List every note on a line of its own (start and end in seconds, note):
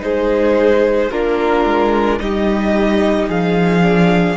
0.00 1.11 G#3
0.00 1.09 D#4
0.00 1.12 G#4
0.00 1.11 C5
1.11 1.65 A#3
1.11 2.20 D4
1.11 2.21 F4
1.11 2.19 A#4
1.65 2.20 G#3
2.19 3.28 G3
2.19 3.82 D#4
2.19 3.29 G4
2.19 3.28 D#5
3.28 4.37 F3
3.28 4.37 G#4
3.28 4.37 F5
3.82 4.37 D4